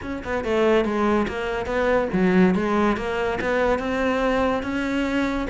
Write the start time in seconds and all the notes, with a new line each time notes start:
0.02 C#4
0.24 B3
0.44 A3
0.84 G#3
1.28 A#3
1.65 B3
2.12 F#3
2.54 G#3
2.97 A#3
3.40 B3
3.78 C4
4.62 C#4